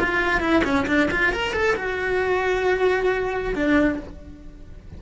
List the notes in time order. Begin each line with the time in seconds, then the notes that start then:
0.00 F4
0.40 E4
0.65 C#4
0.87 D4
1.11 F4
1.32 A#4
1.53 A4
1.76 F#4
3.55 D4